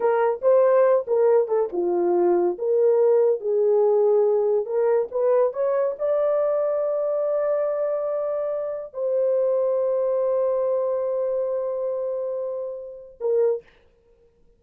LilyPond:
\new Staff \with { instrumentName = "horn" } { \time 4/4 \tempo 4 = 141 ais'4 c''4. ais'4 a'8 | f'2 ais'2 | gis'2. ais'4 | b'4 cis''4 d''2~ |
d''1~ | d''4 c''2.~ | c''1~ | c''2. ais'4 | }